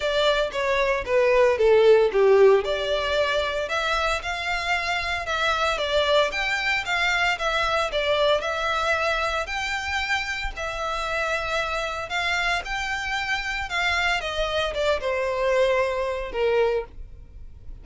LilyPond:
\new Staff \with { instrumentName = "violin" } { \time 4/4 \tempo 4 = 114 d''4 cis''4 b'4 a'4 | g'4 d''2 e''4 | f''2 e''4 d''4 | g''4 f''4 e''4 d''4 |
e''2 g''2 | e''2. f''4 | g''2 f''4 dis''4 | d''8 c''2~ c''8 ais'4 | }